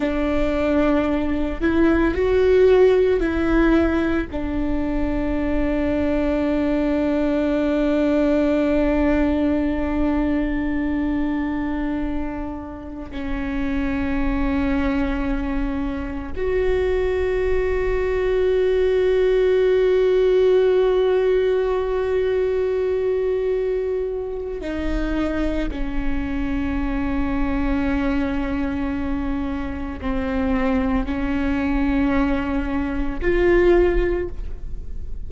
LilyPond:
\new Staff \with { instrumentName = "viola" } { \time 4/4 \tempo 4 = 56 d'4. e'8 fis'4 e'4 | d'1~ | d'1~ | d'16 cis'2. fis'8.~ |
fis'1~ | fis'2. dis'4 | cis'1 | c'4 cis'2 f'4 | }